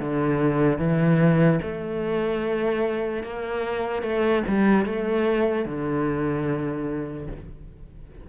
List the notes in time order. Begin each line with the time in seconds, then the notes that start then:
0.00 D3
0.79 E3
1.62 A3
3.23 A#3
4.02 A3
4.48 G3
4.86 A3
5.65 D3